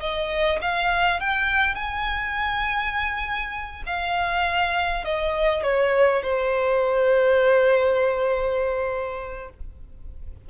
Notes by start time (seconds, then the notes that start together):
0.00 D#5
0.62 F5
1.20 G5
1.75 G#5
3.86 F5
5.05 D#5
5.63 C#5
6.23 C5